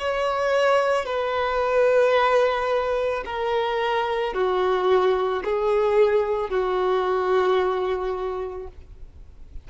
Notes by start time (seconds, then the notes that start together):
0.00 C#5
1.06 B4
3.26 A#4
4.34 F#4
5.44 G#4
6.50 F#4